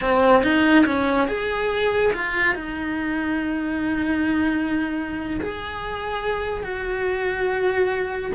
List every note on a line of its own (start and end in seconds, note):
0.01 0.43 C4
0.43 0.85 D#4
0.85 1.28 C#4
1.28 2.12 G#4
2.13 2.54 F4
2.54 5.40 D#4
5.40 6.63 G#4
6.63 8.32 F#4